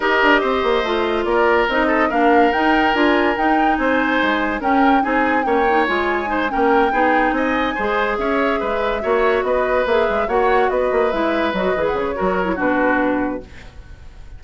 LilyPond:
<<
  \new Staff \with { instrumentName = "flute" } { \time 4/4 \tempo 4 = 143 dis''2. d''4 | dis''4 f''4 g''4 gis''4 | g''4 gis''2 g''4 | gis''4 g''4 gis''4. g''8~ |
g''4. gis''2 e''8~ | e''2~ e''8 dis''4 e''8~ | e''8 fis''4 dis''4 e''4 dis''8~ | dis''16 fis''16 cis''4. b'2 | }
  \new Staff \with { instrumentName = "oboe" } { \time 4/4 ais'4 c''2 ais'4~ | ais'8 a'8 ais'2.~ | ais'4 c''2 ais'4 | gis'4 cis''2 c''8 ais'8~ |
ais'8 gis'4 dis''4 c''4 cis''8~ | cis''8 b'4 cis''4 b'4.~ | b'8 cis''4 b'2~ b'8~ | b'4 ais'4 fis'2 | }
  \new Staff \with { instrumentName = "clarinet" } { \time 4/4 g'2 f'2 | dis'4 d'4 dis'4 f'4 | dis'2. cis'4 | dis'4 cis'8 dis'8 f'4 dis'8 cis'8~ |
cis'8 dis'2 gis'4.~ | gis'4. fis'2 gis'8~ | gis'8 fis'2 e'4 fis'8 | gis'4 fis'8. e'16 d'2 | }
  \new Staff \with { instrumentName = "bassoon" } { \time 4/4 dis'8 d'8 c'8 ais8 a4 ais4 | c'4 ais4 dis'4 d'4 | dis'4 c'4 gis4 cis'4 | c'4 ais4 gis4. ais8~ |
ais8 b4 c'4 gis4 cis'8~ | cis'8 gis4 ais4 b4 ais8 | gis8 ais4 b8 ais8 gis4 fis8 | e8 cis8 fis4 b,2 | }
>>